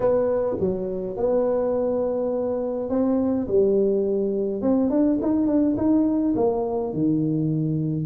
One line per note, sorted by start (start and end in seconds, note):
0.00 0.56 B3
0.60 1.16 F#3
1.16 2.89 B3
2.89 3.47 C4
3.47 4.61 G3
4.61 4.89 C4
4.89 5.18 D4
5.21 5.46 D#4
5.46 5.75 D4
5.76 6.34 D#4
6.35 6.93 A#3
6.93 8.05 D#3